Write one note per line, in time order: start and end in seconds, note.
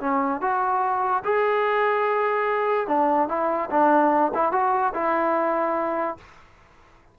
0.00 0.41 C#4
0.41 1.23 F#4
1.24 2.87 G#4
2.87 3.28 D4
3.29 3.70 E4
3.70 4.32 D4
4.34 4.52 E4
4.52 4.93 F#4
4.94 6.17 E4